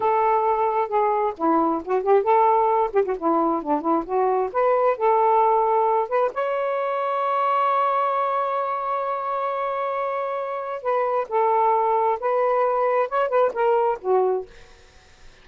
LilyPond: \new Staff \with { instrumentName = "saxophone" } { \time 4/4 \tempo 4 = 133 a'2 gis'4 e'4 | fis'8 g'8 a'4. g'16 fis'16 e'4 | d'8 e'8 fis'4 b'4 a'4~ | a'4. b'8 cis''2~ |
cis''1~ | cis''1 | b'4 a'2 b'4~ | b'4 cis''8 b'8 ais'4 fis'4 | }